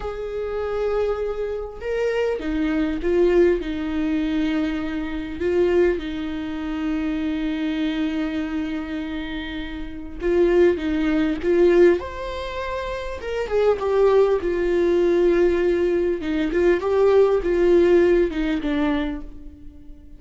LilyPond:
\new Staff \with { instrumentName = "viola" } { \time 4/4 \tempo 4 = 100 gis'2. ais'4 | dis'4 f'4 dis'2~ | dis'4 f'4 dis'2~ | dis'1~ |
dis'4 f'4 dis'4 f'4 | c''2 ais'8 gis'8 g'4 | f'2. dis'8 f'8 | g'4 f'4. dis'8 d'4 | }